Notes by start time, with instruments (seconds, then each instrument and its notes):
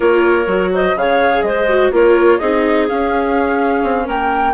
0.00 bassoon A#3, viola F4, clarinet A#4, flute C#5
0.46 bassoon F#3, viola F#4
0.73 clarinet C5, flute D#5
0.95 bassoon C#3, viola G#4, clarinet C#5, flute F5
1.42 bassoon G#3, clarinet C5, flute D#5
1.68 viola F#4
1.91 bassoon A#3, viola F4, clarinet A#4, flute C#5
2.38 bassoon C4, viola D#4, clarinet G#4, flute D#5
2.88 viola C#4, bassoon C#4, flute F5
3.83 bassoon C4
4.04 bassoon A#3, clarinet A#4, flute G5